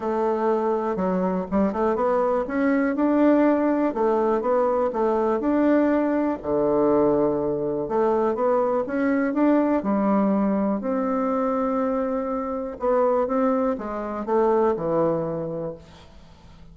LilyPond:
\new Staff \with { instrumentName = "bassoon" } { \time 4/4 \tempo 4 = 122 a2 fis4 g8 a8 | b4 cis'4 d'2 | a4 b4 a4 d'4~ | d'4 d2. |
a4 b4 cis'4 d'4 | g2 c'2~ | c'2 b4 c'4 | gis4 a4 e2 | }